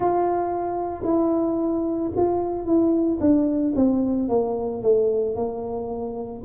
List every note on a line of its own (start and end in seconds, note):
0.00 1.03 F4
1.03 2.10 E4
2.16 2.65 F4
2.65 3.19 E4
3.20 3.74 D4
3.75 4.29 C4
4.29 4.82 A#3
4.82 5.35 A3
5.35 6.42 A#3